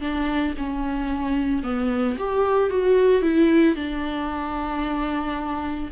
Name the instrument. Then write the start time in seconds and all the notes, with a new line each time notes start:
viola
0.00 D4
0.57 C#4
1.63 B3
2.18 G4
2.70 F#4
3.22 E4
3.75 D4